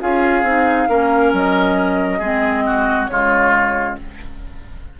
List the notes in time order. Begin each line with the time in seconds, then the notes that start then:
0.00 C#4 F4 G#4 F5
0.43 C4 D#4
0.88 A#3 C#4 A#4
1.33 F#3 D#5
2.19 G#3 C4 G#4
2.66 F#4
3.07 C#3 G#3 F4 C#5